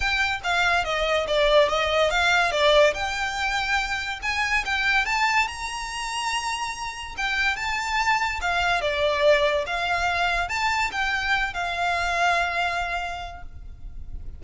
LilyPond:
\new Staff \with { instrumentName = "violin" } { \time 4/4 \tempo 4 = 143 g''4 f''4 dis''4 d''4 | dis''4 f''4 d''4 g''4~ | g''2 gis''4 g''4 | a''4 ais''2.~ |
ais''4 g''4 a''2 | f''4 d''2 f''4~ | f''4 a''4 g''4. f''8~ | f''1 | }